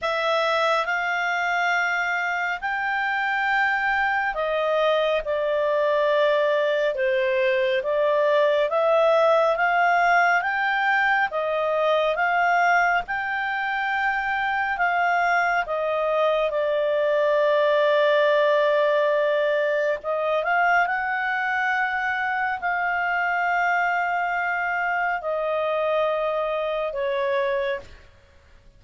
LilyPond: \new Staff \with { instrumentName = "clarinet" } { \time 4/4 \tempo 4 = 69 e''4 f''2 g''4~ | g''4 dis''4 d''2 | c''4 d''4 e''4 f''4 | g''4 dis''4 f''4 g''4~ |
g''4 f''4 dis''4 d''4~ | d''2. dis''8 f''8 | fis''2 f''2~ | f''4 dis''2 cis''4 | }